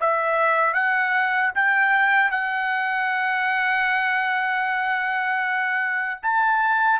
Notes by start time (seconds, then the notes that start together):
0.00 E5
0.73 F#5
1.55 G5
2.31 F#5
6.22 A5